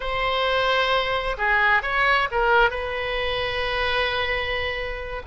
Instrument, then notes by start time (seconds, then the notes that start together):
oboe
0.00 C5
1.37 G#4
1.82 C#5
2.31 A#4
2.70 B4